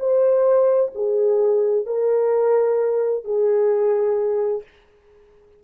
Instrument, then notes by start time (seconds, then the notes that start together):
horn
0.00 C5
0.95 G#4
1.86 A#4
3.24 G#4